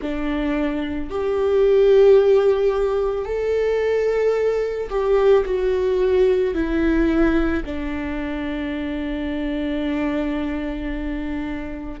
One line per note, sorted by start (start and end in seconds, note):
0.01 1.10 D4
1.10 3.25 G4
3.25 4.88 A4
4.89 5.43 G4
5.45 6.54 F#4
6.54 7.63 E4
7.65 12.00 D4